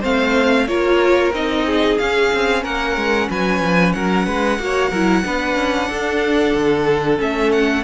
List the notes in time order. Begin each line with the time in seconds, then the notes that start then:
0.00 A3 C4 C5 F5
0.68 A#3 F4 A#4 C#5
1.32 C4 D#4 D#5
1.66 G#4
1.98 C#4 F5
2.33 C4
2.63 A#3 A#4 F#5
2.96 G#3
3.30 F#3 B4 G#5
3.61 F3
3.93 F#3 A#4 F#5
4.26 G#3 B4
4.59 A#3 F#4 C#5
4.89 F#3 E4 A#4
5.25 B3 D4 B4
5.55 C#4
5.89 D4 A4
6.54 D3
7.18 A3 C#4 E5
7.52 F#5